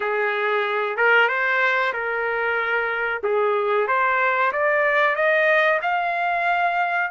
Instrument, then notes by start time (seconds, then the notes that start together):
trumpet
0.00 G#4
0.96 A#4
1.28 C5
1.93 A#4
3.23 G#4
3.87 C5
4.52 D5
5.15 D#5
5.82 F5